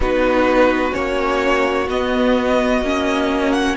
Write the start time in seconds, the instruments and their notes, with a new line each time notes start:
0.00 cello B3, viola D#4, violin F#4 B4
0.92 cello A#3, viola C#4, violin C#5
1.88 cello B3, viola B3, violin D#5
2.81 cello A#3, viola C#4
3.52 violin F#5